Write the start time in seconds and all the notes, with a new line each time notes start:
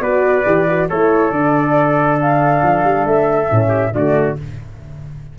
0.00 B3 F#4 B4 D5
0.46 E3 G4
0.69 F#4
0.89 A3 E4 A4 C#5
1.31 D3 D4 D5
2.21 F5
2.63 F3
2.84 G3
3.05 A3 E5
3.49 A2 C#4
3.69 G4
3.93 D3 A3 F#4 D5